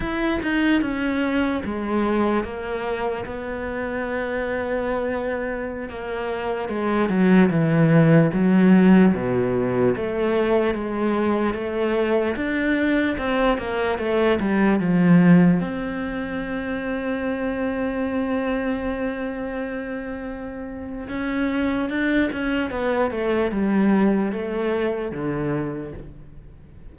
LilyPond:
\new Staff \with { instrumentName = "cello" } { \time 4/4 \tempo 4 = 74 e'8 dis'8 cis'4 gis4 ais4 | b2.~ b16 ais8.~ | ais16 gis8 fis8 e4 fis4 b,8.~ | b,16 a4 gis4 a4 d'8.~ |
d'16 c'8 ais8 a8 g8 f4 c'8.~ | c'1~ | c'2 cis'4 d'8 cis'8 | b8 a8 g4 a4 d4 | }